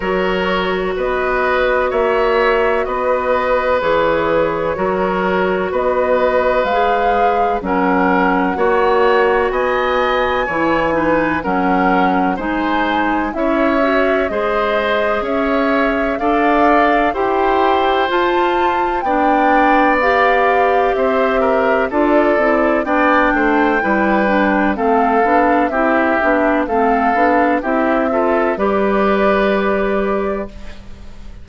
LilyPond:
<<
  \new Staff \with { instrumentName = "flute" } { \time 4/4 \tempo 4 = 63 cis''4 dis''4 e''4 dis''4 | cis''2 dis''4 f''4 | fis''2 gis''2 | fis''4 gis''4 e''4 dis''4 |
e''4 f''4 g''4 a''4 | g''4 f''4 e''4 d''4 | g''2 f''4 e''4 | f''4 e''4 d''2 | }
  \new Staff \with { instrumentName = "oboe" } { \time 4/4 ais'4 b'4 cis''4 b'4~ | b'4 ais'4 b'2 | ais'4 cis''4 dis''4 cis''8 b'8 | ais'4 c''4 cis''4 c''4 |
cis''4 d''4 c''2 | d''2 c''8 ais'8 a'4 | d''8 c''8 b'4 a'4 g'4 | a'4 g'8 a'8 b'2 | }
  \new Staff \with { instrumentName = "clarinet" } { \time 4/4 fis'1 | gis'4 fis'2 gis'4 | cis'4 fis'2 e'8 dis'8 | cis'4 dis'4 e'8 fis'8 gis'4~ |
gis'4 a'4 g'4 f'4 | d'4 g'2 f'8 e'8 | d'4 e'8 d'8 c'8 d'8 e'8 d'8 | c'8 d'8 e'8 f'8 g'2 | }
  \new Staff \with { instrumentName = "bassoon" } { \time 4/4 fis4 b4 ais4 b4 | e4 fis4 b4 gis4 | fis4 ais4 b4 e4 | fis4 gis4 cis'4 gis4 |
cis'4 d'4 e'4 f'4 | b2 c'4 d'8 c'8 | b8 a8 g4 a8 b8 c'8 b8 | a8 b8 c'4 g2 | }
>>